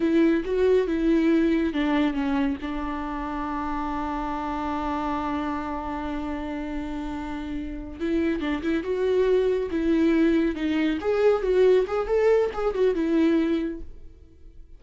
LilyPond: \new Staff \with { instrumentName = "viola" } { \time 4/4 \tempo 4 = 139 e'4 fis'4 e'2 | d'4 cis'4 d'2~ | d'1~ | d'1~ |
d'2~ d'8 e'4 d'8 | e'8 fis'2 e'4.~ | e'8 dis'4 gis'4 fis'4 gis'8 | a'4 gis'8 fis'8 e'2 | }